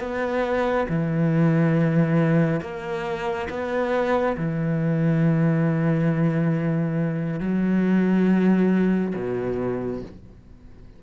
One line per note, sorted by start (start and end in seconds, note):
0.00 0.87 B3
0.89 2.61 E3
2.61 3.48 A#3
3.50 4.37 B3
4.37 7.40 E3
7.40 9.14 F#3
9.15 10.02 B2